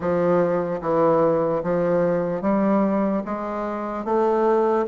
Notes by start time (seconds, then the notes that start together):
0.00 F3
0.81 E3
1.63 F3
2.41 G3
3.25 G#3
4.04 A3